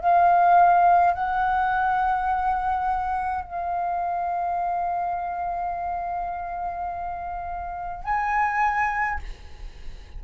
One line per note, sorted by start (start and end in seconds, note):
0.00 1.14 F5
1.14 3.45 F#5
3.45 8.04 F5
8.04 9.19 G#5